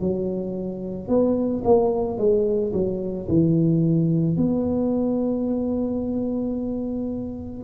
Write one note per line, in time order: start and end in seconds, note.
0.00 1.08 F#3
1.08 1.62 B3
1.64 2.17 A#3
2.17 2.72 G#3
2.73 3.27 F#3
3.28 4.36 E3
4.36 7.64 B3